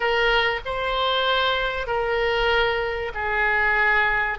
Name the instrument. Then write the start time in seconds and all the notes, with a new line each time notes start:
oboe
0.00 A#4
0.65 C5
1.87 A#4
3.14 G#4